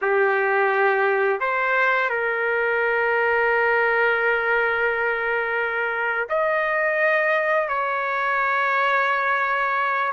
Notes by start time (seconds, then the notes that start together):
0.01 G4
1.40 C5
2.09 A#4
6.29 D#5
7.68 C#5